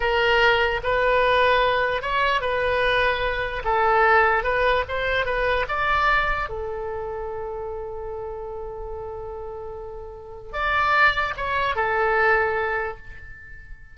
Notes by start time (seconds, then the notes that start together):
0.00 A#4
0.83 B4
2.01 C#5
2.41 B4
3.64 A4
4.43 B4
4.88 C5
5.25 B4
5.68 D5
6.49 A4
10.53 D5
11.36 C#5
11.75 A4